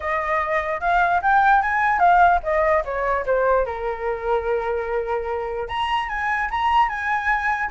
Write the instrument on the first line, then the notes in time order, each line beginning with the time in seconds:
flute
0.00 D#5
0.80 F5
1.22 G5
1.62 G#5
1.99 F5
2.43 D#5
2.84 C#5
3.25 C5
3.65 A#4
5.68 A#5
6.08 G#5
6.50 A#5
6.89 G#5